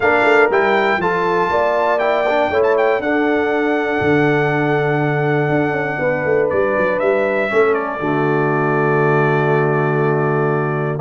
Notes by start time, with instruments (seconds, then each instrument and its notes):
0.00 tuba A#3, trombone D4, horn A#4, trumpet F5
0.23 tuba A3
0.49 tuba G3, trombone E4, trumpet G5
0.97 tuba F3, trombone F4, horn A4, trumpet A5
1.49 tuba A#3, horn D5
1.98 trombone E4, trumpet G5
2.28 trombone D4
2.49 tuba A3, trombone E4, horn C#5
2.63 trumpet A5
2.77 trumpet G5
2.99 tuba D4, trombone D4, horn A4, trumpet F#5
4.00 tuba D3
5.49 tuba D4
5.71 tuba C#4
5.99 tuba B3, horn B4
6.25 tuba A3
6.49 tuba G3, trumpet D5
6.77 tuba F#3
6.99 tuba G3, trumpet E5
7.49 tuba A3, trombone C#4, horn A4
7.74 trumpet D5
7.99 tuba D3, trombone A3, horn F#4